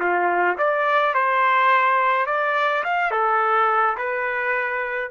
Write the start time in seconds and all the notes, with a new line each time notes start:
0.00 F4
0.58 D5
1.15 C5
2.26 D5
2.84 F5
3.11 A4
3.98 B4